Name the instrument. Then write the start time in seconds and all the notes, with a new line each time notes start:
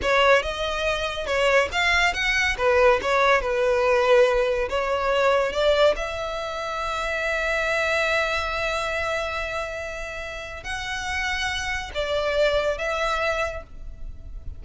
violin
0.02 C#5
0.42 D#5
1.26 C#5
1.71 F5
2.13 F#5
2.57 B4
3.01 C#5
3.41 B4
4.69 C#5
5.52 D5
5.96 E5
10.63 F#5
11.94 D5
12.78 E5